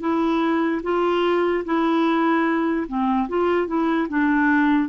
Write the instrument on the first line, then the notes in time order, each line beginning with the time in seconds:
clarinet
0.00 E4
0.83 F4
1.65 E4
2.88 C4
3.29 F4
3.67 E4
4.09 D4